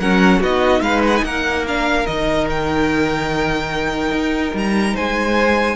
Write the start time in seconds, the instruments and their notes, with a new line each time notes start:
0.00 cello F#3, viola C#4, violin A#4 F#5
0.40 cello B3, viola D#4, violin F#4 D#5
0.81 cello G#3, violin B4 F5
1.07 violin F#5
1.17 cello A#3, violin G#5
1.25 violin A#4 F#5
1.67 viola D4, violin F5
2.06 cello D#3, viola D#4, violin D#5
2.50 violin G5
4.12 cello D#4
4.54 cello G3, violin A#5
4.94 cello G#3, violin C5 G#5